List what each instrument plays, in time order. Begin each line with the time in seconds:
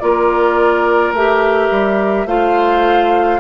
0.00 bassoon A#3, clarinet F4, oboe A#4, flute D5
1.12 bassoon A3, clarinet G4, flute E5
1.71 bassoon G3
2.26 bassoon A3, clarinet F4, oboe C5, flute F5